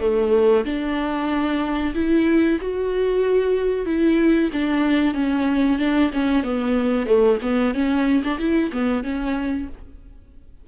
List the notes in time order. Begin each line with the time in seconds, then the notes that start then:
0.00 A3
0.65 D4
1.94 E4
2.60 F#4
3.86 E4
4.52 D4
5.14 C#4
5.79 D4
6.13 C#4
6.43 B3
7.06 A3
7.42 B3
7.74 C#4
8.24 D4
8.39 E4
8.72 B3
9.03 C#4